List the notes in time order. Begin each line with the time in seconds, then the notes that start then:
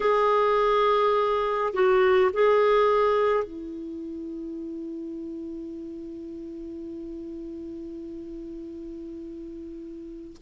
0.00 G#4
1.73 F#4
2.33 G#4
3.44 E4